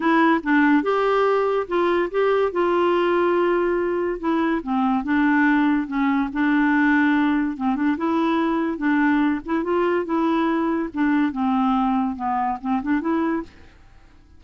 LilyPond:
\new Staff \with { instrumentName = "clarinet" } { \time 4/4 \tempo 4 = 143 e'4 d'4 g'2 | f'4 g'4 f'2~ | f'2 e'4 c'4 | d'2 cis'4 d'4~ |
d'2 c'8 d'8 e'4~ | e'4 d'4. e'8 f'4 | e'2 d'4 c'4~ | c'4 b4 c'8 d'8 e'4 | }